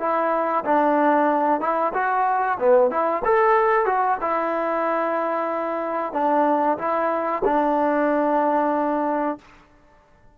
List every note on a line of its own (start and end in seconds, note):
0.00 0.65 E4
0.65 1.61 D4
1.61 1.93 E4
1.94 2.59 F#4
2.60 2.91 B3
2.91 3.23 E4
3.25 3.86 A4
3.86 4.18 F#4
4.22 6.14 E4
6.14 6.78 D4
6.79 7.43 E4
7.45 9.38 D4